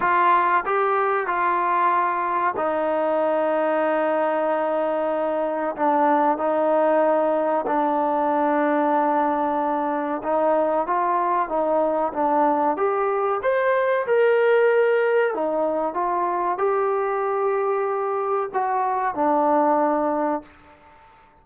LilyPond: \new Staff \with { instrumentName = "trombone" } { \time 4/4 \tempo 4 = 94 f'4 g'4 f'2 | dis'1~ | dis'4 d'4 dis'2 | d'1 |
dis'4 f'4 dis'4 d'4 | g'4 c''4 ais'2 | dis'4 f'4 g'2~ | g'4 fis'4 d'2 | }